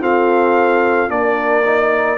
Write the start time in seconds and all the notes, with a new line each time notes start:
0.00 C4 F4 A4 F5
1.09 A#3 D4 A#4 D5
1.65 D#4